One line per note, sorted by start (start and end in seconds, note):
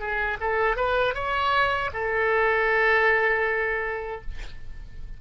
0.00 0.38 G#4
0.41 0.77 A4
0.77 1.15 B4
1.15 1.91 C#5
1.94 4.22 A4